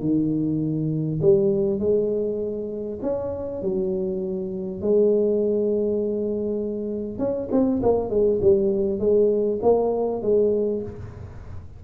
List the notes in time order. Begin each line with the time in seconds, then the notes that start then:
0.00 D#3
1.22 G3
1.79 G#3
3.02 C#4
3.62 F#3
4.81 G#3
7.18 C#4
7.51 C4
7.82 A#3
8.09 G#3
8.41 G3
8.99 G#3
9.62 A#3
10.22 G#3